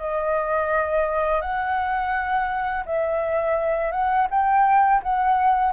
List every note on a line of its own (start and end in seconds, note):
0.00 1.42 D#5
1.42 2.84 F#5
2.86 3.92 E5
3.92 4.28 F#5
4.31 5.02 G5
5.03 5.73 F#5